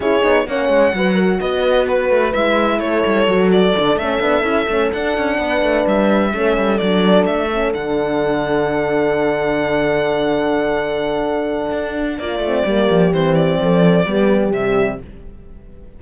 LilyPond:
<<
  \new Staff \with { instrumentName = "violin" } { \time 4/4 \tempo 4 = 128 cis''4 fis''2 dis''4 | b'4 e''4 cis''4. d''8~ | d''8 e''2 fis''4.~ | fis''8 e''2 d''4 e''8~ |
e''8 fis''2.~ fis''8~ | fis''1~ | fis''2 d''2 | c''8 d''2~ d''8 e''4 | }
  \new Staff \with { instrumentName = "horn" } { \time 4/4 gis'4 cis''4 b'8 ais'8 b'4~ | b'2 a'2~ | a'2.~ a'8 b'8~ | b'4. a'2~ a'8~ |
a'1~ | a'1~ | a'2 f'4 g'4~ | g'4 a'4 g'2 | }
  \new Staff \with { instrumentName = "horn" } { \time 4/4 e'8 dis'8 cis'4 fis'2~ | fis'4 e'2 fis'4 | d'8 cis'8 d'8 e'8 cis'8 d'4.~ | d'4. cis'4 d'4. |
cis'8 d'2.~ d'8~ | d'1~ | d'2~ d'8 c'8 ais4 | c'2 b4 g4 | }
  \new Staff \with { instrumentName = "cello" } { \time 4/4 cis'8 b8 ais8 gis8 fis4 b4~ | b8 a8 gis4 a8 g8 fis4 | d8 a8 b8 cis'8 a8 d'8 cis'8 b8 | a8 g4 a8 g8 fis4 a8~ |
a8 d2.~ d8~ | d1~ | d4 d'4 ais8 a8 g8 f8 | e4 f4 g4 c4 | }
>>